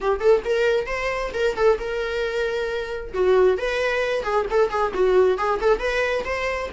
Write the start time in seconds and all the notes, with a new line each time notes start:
0.00 G4
0.19 A4
0.45 A#4
0.86 C5
1.33 A#4
1.55 A4
1.78 A#4
3.13 F#4
3.57 B4
4.23 G#4
4.50 A4
4.70 G#4
4.93 F#4
5.37 G#4
5.60 A4
5.79 B4
6.24 C5